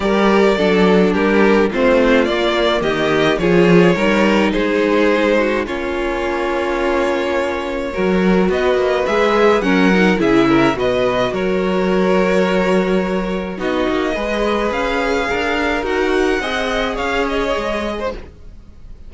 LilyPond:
<<
  \new Staff \with { instrumentName = "violin" } { \time 4/4 \tempo 4 = 106 d''2 ais'4 c''4 | d''4 dis''4 cis''2 | c''2 cis''2~ | cis''2. dis''4 |
e''4 fis''4 e''4 dis''4 | cis''1 | dis''2 f''2 | fis''2 f''8 dis''4. | }
  \new Staff \with { instrumentName = "violin" } { \time 4/4 ais'4 a'4 g'4 f'4~ | f'4 g'4 gis'4 ais'4 | gis'4. fis'8 f'2~ | f'2 ais'4 b'4~ |
b'4 ais'4 gis'8 ais'8 b'4 | ais'1 | fis'4 b'2 ais'4~ | ais'4 dis''4 cis''4.~ cis''16 c''16 | }
  \new Staff \with { instrumentName = "viola" } { \time 4/4 g'4 d'2 c'4 | ais2 f'4 dis'4~ | dis'2 cis'2~ | cis'2 fis'2 |
gis'4 cis'8 dis'8 e'4 fis'4~ | fis'1 | dis'4 gis'2. | fis'4 gis'2. | }
  \new Staff \with { instrumentName = "cello" } { \time 4/4 g4 fis4 g4 a4 | ais4 dis4 f4 g4 | gis2 ais2~ | ais2 fis4 b8 ais8 |
gis4 fis4 cis4 b,4 | fis1 | b8 ais8 gis4 cis'4 d'4 | dis'4 c'4 cis'4 gis4 | }
>>